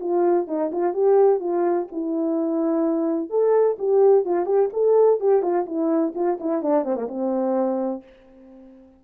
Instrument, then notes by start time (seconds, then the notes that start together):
horn
0.00 F4
0.47 D#4
0.72 F4
0.93 G4
1.40 F4
1.92 E4
3.30 A4
3.79 G4
4.25 F4
4.46 G4
4.73 A4
5.20 G4
5.42 F4
5.66 E4
6.15 F4
6.40 E4
6.62 D4
6.85 C4
6.96 A#3
7.08 C4